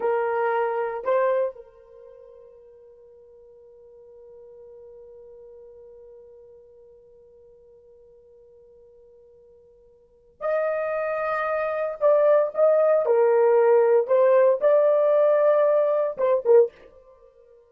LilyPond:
\new Staff \with { instrumentName = "horn" } { \time 4/4 \tempo 4 = 115 ais'2 c''4 ais'4~ | ais'1~ | ais'1~ | ais'1~ |
ais'1 | dis''2. d''4 | dis''4 ais'2 c''4 | d''2. c''8 ais'8 | }